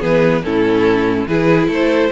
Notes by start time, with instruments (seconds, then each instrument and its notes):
0.00 cello E3, viola B3, violin G#4 B4
0.44 cello A2, viola C#4, violin E4 A4
1.27 cello E3, viola E4, violin G#4 B4
1.68 cello A3, violin A4 C5